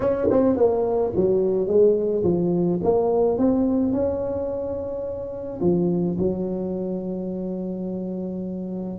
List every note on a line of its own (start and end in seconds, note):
0.00 0.28 C#4
0.30 0.56 C4
0.56 1.12 A#3
1.15 1.67 F#3
1.67 2.23 G#3
2.23 2.79 F3
2.83 3.38 A#3
3.38 3.92 C4
3.92 5.60 C#4
5.60 6.17 F3
6.18 8.98 F#3